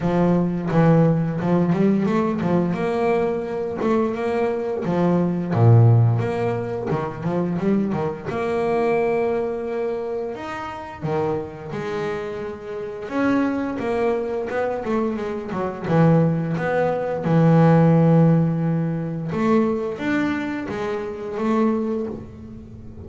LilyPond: \new Staff \with { instrumentName = "double bass" } { \time 4/4 \tempo 4 = 87 f4 e4 f8 g8 a8 f8 | ais4. a8 ais4 f4 | ais,4 ais4 dis8 f8 g8 dis8 | ais2. dis'4 |
dis4 gis2 cis'4 | ais4 b8 a8 gis8 fis8 e4 | b4 e2. | a4 d'4 gis4 a4 | }